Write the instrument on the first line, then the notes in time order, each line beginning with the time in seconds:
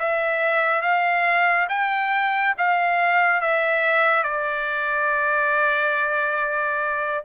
trumpet
0.00 E5
0.82 F5
1.69 G5
2.58 F5
3.41 E5
4.24 D5